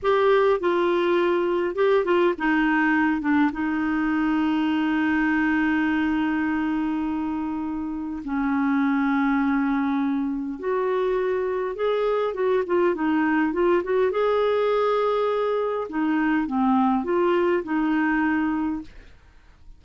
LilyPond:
\new Staff \with { instrumentName = "clarinet" } { \time 4/4 \tempo 4 = 102 g'4 f'2 g'8 f'8 | dis'4. d'8 dis'2~ | dis'1~ | dis'2 cis'2~ |
cis'2 fis'2 | gis'4 fis'8 f'8 dis'4 f'8 fis'8 | gis'2. dis'4 | c'4 f'4 dis'2 | }